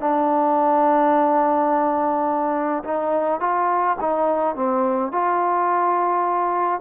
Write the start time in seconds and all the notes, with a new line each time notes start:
0.00 D4
2.84 D#4
3.40 F4
4.00 D#4
4.55 C4
5.11 F4